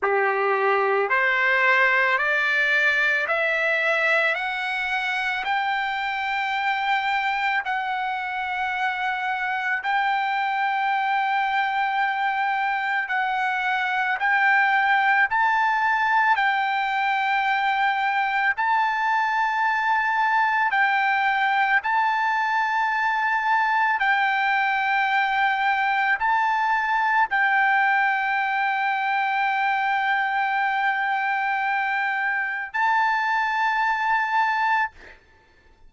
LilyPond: \new Staff \with { instrumentName = "trumpet" } { \time 4/4 \tempo 4 = 55 g'4 c''4 d''4 e''4 | fis''4 g''2 fis''4~ | fis''4 g''2. | fis''4 g''4 a''4 g''4~ |
g''4 a''2 g''4 | a''2 g''2 | a''4 g''2.~ | g''2 a''2 | }